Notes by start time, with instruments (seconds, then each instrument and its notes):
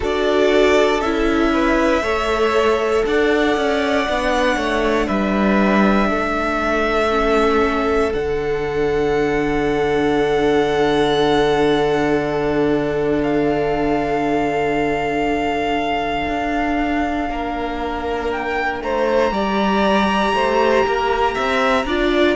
0.00 cello D4, viola F#4, violin A4 D5
1.00 cello C#4, viola E4, violin E5
1.53 violin B4
2.01 cello A3, viola A4, violin C#5
3.05 cello D4, violin D5 F#5
3.56 cello C#4
4.08 cello B3, viola D4
4.56 cello A3, violin C#5
5.06 cello G3, violin B4 E5
6.09 cello A3, violin A4
7.09 viola C#4
8.13 cello D3, viola D4, violin F#5
13.22 violin F5
16.28 cello D4
17.29 cello A#3, violin A#4
18.31 violin G5
18.81 cello A3, violin C5 A#5
19.31 cello G3, viola G4, violin D5
20.33 cello A3, violin C5
20.84 cello A#3, violin A#4
21.34 cello C4, violin E5
21.84 cello D4, viola F4, violin D5